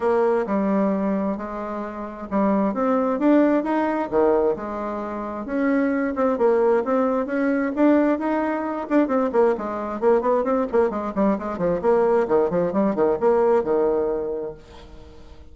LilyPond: \new Staff \with { instrumentName = "bassoon" } { \time 4/4 \tempo 4 = 132 ais4 g2 gis4~ | gis4 g4 c'4 d'4 | dis'4 dis4 gis2 | cis'4. c'8 ais4 c'4 |
cis'4 d'4 dis'4. d'8 | c'8 ais8 gis4 ais8 b8 c'8 ais8 | gis8 g8 gis8 f8 ais4 dis8 f8 | g8 dis8 ais4 dis2 | }